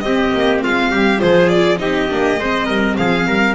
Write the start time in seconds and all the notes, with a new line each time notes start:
0.00 C4 G4 D#5
0.34 A#3
0.63 G#3 F4 F5
0.91 G3 G4
1.18 F3 F4 G#4 C5
1.48 D5
1.78 C4 D#4 G4 D#5
2.09 A#3 D4
2.38 G#3 C4 C5
2.66 G3 A#4
2.96 F3 G#4 F5
3.26 G3 A#4